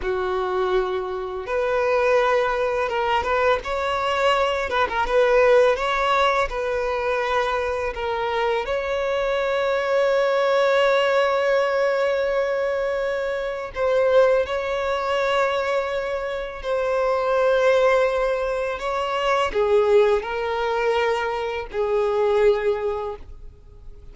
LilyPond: \new Staff \with { instrumentName = "violin" } { \time 4/4 \tempo 4 = 83 fis'2 b'2 | ais'8 b'8 cis''4. b'16 ais'16 b'4 | cis''4 b'2 ais'4 | cis''1~ |
cis''2. c''4 | cis''2. c''4~ | c''2 cis''4 gis'4 | ais'2 gis'2 | }